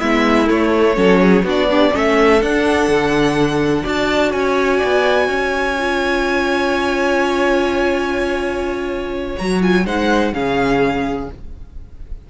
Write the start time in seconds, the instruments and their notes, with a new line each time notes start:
0.00 cello G#3, viola B3, violin E4 E5
0.46 viola A3, cello A3, violin C#5
0.96 cello F#3, viola C#4, violin A4
1.21 violin G#4
1.43 cello B3, viola D4, violin F#4
1.49 violin D5
1.68 violin D4, viola G4
1.92 cello A3, viola C#4, violin A4 E5
2.41 viola D4, cello D4, violin F#5
2.88 cello D3
3.83 cello D4, viola F#4, violin D5 A5
4.31 cello C#4, violin C#5 G#5
4.77 violin D5
4.83 cello B3
5.27 cello C#4, violin C#5
5.78 viola F4
9.36 cello F#3, viola F#4, violin A#5
9.61 viola F4, violin G#5
9.85 cello G#3, viola D#4, violin C5 F#5
10.33 cello C#3, viola C#4, violin G#4 F5